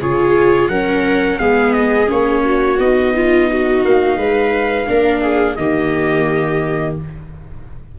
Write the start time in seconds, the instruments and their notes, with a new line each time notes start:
0.00 tuba C#3, viola F4 G#4, trumpet C#5
0.68 tuba F#3, viola C#4 A#4, trumpet F#5
1.38 tuba G#3, viola B3 G#4, trumpet F5
1.73 trumpet D#5
2.07 tuba A#3, viola C#4, trumpet C#5
2.44 viola F#4
2.79 tuba B3, viola D#4, trumpet D#5
3.15 viola F4
3.51 viola F#4
3.84 tuba A#3, trumpet F5
4.17 tuba G#3, viola B4
4.86 tuba A#3, viola D4 A#4
5.21 viola G#4
5.56 tuba D#3, viola A#3 G4, trumpet D#5